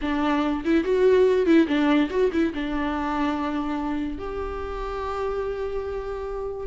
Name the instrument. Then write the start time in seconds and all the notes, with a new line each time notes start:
viola
0.01 D4
0.64 E4
0.84 F#4
1.46 E4
1.67 D4
2.10 F#4
2.32 E4
2.54 D4
4.18 G4